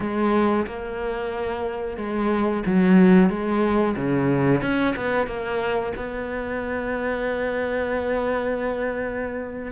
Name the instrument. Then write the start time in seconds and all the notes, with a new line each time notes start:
cello
0.00 G#3
0.66 A#3
1.97 G#3
2.66 F#3
3.29 G#3
3.96 C#3
4.61 C#4
4.95 B3
5.27 A#3
5.96 B3